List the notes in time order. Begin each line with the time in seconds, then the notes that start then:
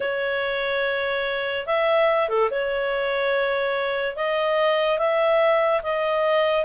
0.00 C#5
1.66 E5
2.28 A4
2.50 C#5
4.16 D#5
4.98 E5
5.82 D#5